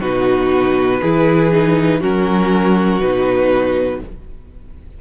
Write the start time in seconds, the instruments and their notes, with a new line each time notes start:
0.00 cello B2, viola D#4, violin F#4 B4
1.01 cello E3, viola E4, violin G#4
1.52 viola D#4
2.00 cello F#3, viola C#4, violin F#4 A#4
3.00 cello B2, viola D#4, violin B4